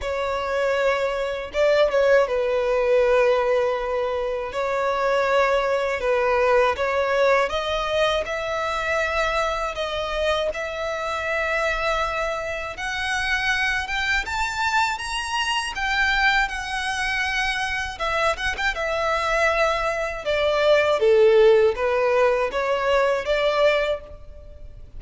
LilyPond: \new Staff \with { instrumentName = "violin" } { \time 4/4 \tempo 4 = 80 cis''2 d''8 cis''8 b'4~ | b'2 cis''2 | b'4 cis''4 dis''4 e''4~ | e''4 dis''4 e''2~ |
e''4 fis''4. g''8 a''4 | ais''4 g''4 fis''2 | e''8 fis''16 g''16 e''2 d''4 | a'4 b'4 cis''4 d''4 | }